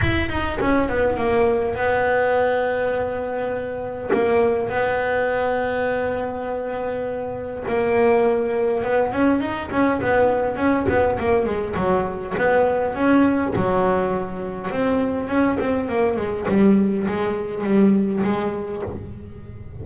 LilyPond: \new Staff \with { instrumentName = "double bass" } { \time 4/4 \tempo 4 = 102 e'8 dis'8 cis'8 b8 ais4 b4~ | b2. ais4 | b1~ | b4 ais2 b8 cis'8 |
dis'8 cis'8 b4 cis'8 b8 ais8 gis8 | fis4 b4 cis'4 fis4~ | fis4 c'4 cis'8 c'8 ais8 gis8 | g4 gis4 g4 gis4 | }